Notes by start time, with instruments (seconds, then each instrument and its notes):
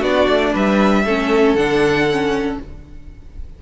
0.00 cello B3, viola D4, violin F#4 D5
0.29 cello A3
0.53 cello G3, violin B4 E5
1.05 cello A3, viola C#4, violin A4
1.55 cello D3, viola D4, violin F#5
2.11 viola C#4